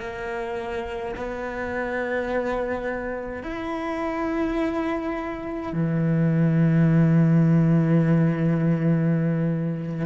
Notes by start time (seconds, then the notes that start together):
0.00 A#3
1.16 B3
3.43 E4
5.73 E3